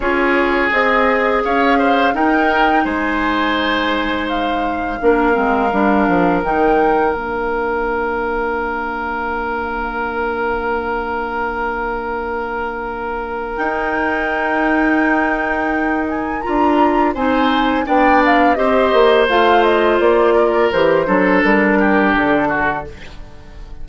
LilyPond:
<<
  \new Staff \with { instrumentName = "flute" } { \time 4/4 \tempo 4 = 84 cis''4 dis''4 f''4 g''4 | gis''2 f''2~ | f''4 g''4 f''2~ | f''1~ |
f''2. g''4~ | g''2~ g''8 gis''8 ais''4 | gis''4 g''8 f''8 dis''4 f''8 dis''8 | d''4 c''4 ais'4 a'4 | }
  \new Staff \with { instrumentName = "oboe" } { \time 4/4 gis'2 cis''8 c''8 ais'4 | c''2. ais'4~ | ais'1~ | ais'1~ |
ais'1~ | ais'1 | c''4 d''4 c''2~ | c''8 ais'4 a'4 g'4 fis'8 | }
  \new Staff \with { instrumentName = "clarinet" } { \time 4/4 f'4 gis'2 dis'4~ | dis'2. d'8 c'8 | d'4 dis'4 d'2~ | d'1~ |
d'2. dis'4~ | dis'2. f'4 | dis'4 d'4 g'4 f'4~ | f'4 g'8 d'2~ d'8 | }
  \new Staff \with { instrumentName = "bassoon" } { \time 4/4 cis'4 c'4 cis'4 dis'4 | gis2. ais8 gis8 | g8 f8 dis4 ais2~ | ais1~ |
ais2. dis'4~ | dis'2. d'4 | c'4 b4 c'8 ais8 a4 | ais4 e8 fis8 g4 d4 | }
>>